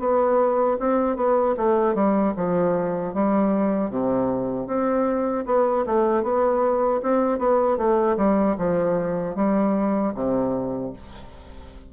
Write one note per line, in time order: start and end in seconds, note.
0.00 0.78 B3
0.80 1.17 C4
1.17 1.55 B3
1.57 1.95 A3
1.95 2.34 G3
2.37 3.14 F3
3.14 3.90 G3
3.90 4.68 C3
4.68 5.45 C4
5.46 5.85 B3
5.87 6.23 A3
6.23 7.01 B3
7.03 7.39 C4
7.39 7.78 B3
7.78 8.17 A3
8.17 8.56 G3
8.58 9.36 F3
9.36 10.14 G3
10.15 10.93 C3